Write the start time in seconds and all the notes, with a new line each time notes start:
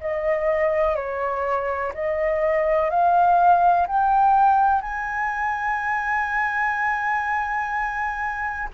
0.00 D#5
0.95 C#5
1.94 D#5
2.90 F5
3.87 G5
4.81 G#5